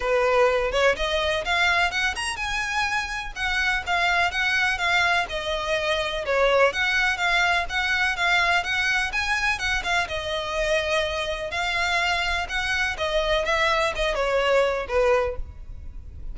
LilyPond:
\new Staff \with { instrumentName = "violin" } { \time 4/4 \tempo 4 = 125 b'4. cis''8 dis''4 f''4 | fis''8 ais''8 gis''2 fis''4 | f''4 fis''4 f''4 dis''4~ | dis''4 cis''4 fis''4 f''4 |
fis''4 f''4 fis''4 gis''4 | fis''8 f''8 dis''2. | f''2 fis''4 dis''4 | e''4 dis''8 cis''4. b'4 | }